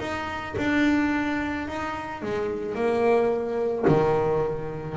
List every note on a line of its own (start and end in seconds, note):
0.00 0.55 D#4
0.58 1.68 D4
1.68 2.22 D#4
2.22 2.75 G#3
2.75 3.85 A#3
3.88 4.97 D#3